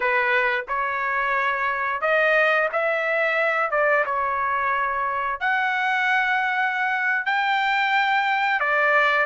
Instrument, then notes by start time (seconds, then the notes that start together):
trumpet
0.00 B4
0.67 C#5
2.01 D#5
2.72 E5
3.70 D5
4.05 C#5
5.40 F#5
7.25 G5
8.60 D5